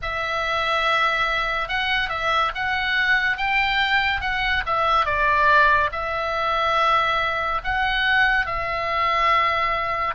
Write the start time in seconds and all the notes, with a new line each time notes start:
0.02 E5
1.68 F#5
2.09 E5
2.54 F#5
3.37 G5
4.20 F#5
4.66 E5
5.05 D5
5.92 E5
7.64 F#5
8.45 E5